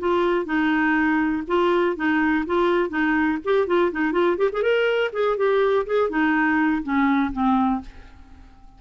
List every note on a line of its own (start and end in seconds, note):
0.00 0.46 F4
0.46 1.43 D#4
1.48 1.96 F4
1.96 2.45 D#4
2.47 2.90 F4
2.90 3.39 D#4
3.45 3.67 G4
3.67 3.92 F4
3.92 4.13 D#4
4.13 4.37 F4
4.38 4.50 G4
4.53 4.63 G#4
4.63 5.12 A#4
5.13 5.37 G#4
5.37 5.86 G4
5.87 6.10 G#4
6.10 6.83 D#4
6.83 7.32 C#4
7.33 7.82 C4